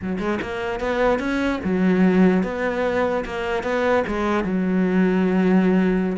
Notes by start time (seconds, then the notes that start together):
0.02 F#3
0.18 G#3
0.41 A#3
0.80 B3
1.19 C#4
1.63 F#3
2.43 B3
3.25 A#3
3.63 B3
4.07 G#3
4.44 F#3